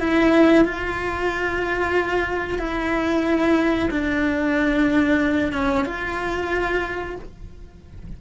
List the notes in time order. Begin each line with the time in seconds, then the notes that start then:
0.00 E4
0.65 F4
2.59 E4
3.91 D4
5.53 C#4
5.85 F4